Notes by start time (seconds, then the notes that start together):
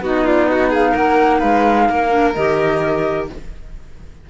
0.00 B3 D#4 F#4 D#5
0.24 F4 D5
0.47 F#4 D#5
0.69 G#4 F5
0.91 A#3 A#4 F#5
1.38 G#3 B4 F5
1.89 A#3 A#4
2.09 D4
2.33 D#3 G4 D#5